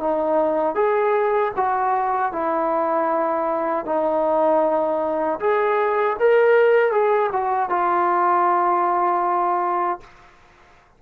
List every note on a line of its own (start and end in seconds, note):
0.00 0.76 D#4
0.76 1.52 G#4
1.57 2.33 F#4
2.33 3.86 E4
3.86 5.40 D#4
5.40 6.17 G#4
6.20 6.92 A#4
6.92 7.30 G#4
7.33 7.70 F#4
7.70 10.01 F4